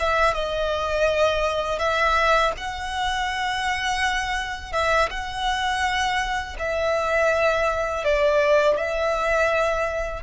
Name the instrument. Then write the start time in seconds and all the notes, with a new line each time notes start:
violin
0.00 E5
0.34 D#5
1.79 E5
2.57 F#5
4.73 E5
5.11 F#5
6.59 E5
8.05 D5
8.77 E5